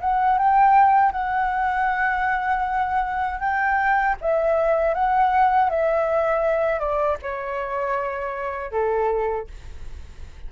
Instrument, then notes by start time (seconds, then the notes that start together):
flute
0.00 F#5
0.38 G5
1.12 F#5
3.39 G5
4.20 E5
4.94 F#5
5.69 E5
6.79 D5
7.22 C#5
8.71 A4